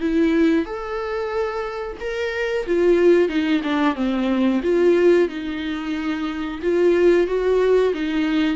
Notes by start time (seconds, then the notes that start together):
0.00 E4
0.65 A4
2.00 A#4
2.66 F4
3.28 D#4
3.63 D4
3.95 C4
4.63 F4
5.29 D#4
6.62 F4
7.27 F#4
7.94 D#4